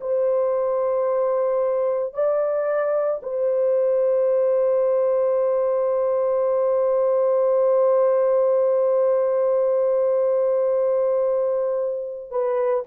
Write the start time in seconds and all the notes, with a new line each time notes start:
0.00 C5
2.13 D5
3.22 C5
12.30 B4